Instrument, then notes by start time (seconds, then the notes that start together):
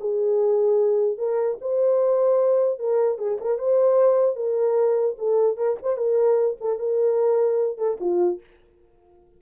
horn
0.00 G#4
1.17 A#4
1.61 C5
2.79 A#4
3.18 G#4
3.40 A#4
3.58 C5
4.35 A#4
5.18 A4
5.57 A#4
5.82 C5
5.97 A#4
6.60 A4
6.79 A#4
7.77 A4
8.00 F4